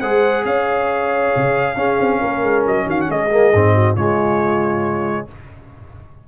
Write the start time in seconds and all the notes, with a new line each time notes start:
0.00 G#3 G#4 C5 F#5
0.44 C#4 C#5 F5
1.36 C#3
1.76 C#4 G#4
2.00 C4
2.19 A#3 A#4
2.42 G#3
2.66 F#3 D#5
2.85 D#3 F#4 F5
3.01 F#5
3.09 G#3 G#4 D#5
3.31 A#3
3.53 G#2 C4
3.74 F#4
3.94 C#3 G#3 F4 C#5